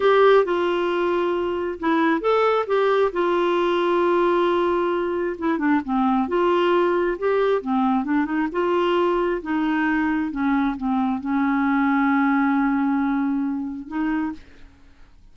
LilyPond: \new Staff \with { instrumentName = "clarinet" } { \time 4/4 \tempo 4 = 134 g'4 f'2. | e'4 a'4 g'4 f'4~ | f'1 | e'8 d'8 c'4 f'2 |
g'4 c'4 d'8 dis'8 f'4~ | f'4 dis'2 cis'4 | c'4 cis'2.~ | cis'2. dis'4 | }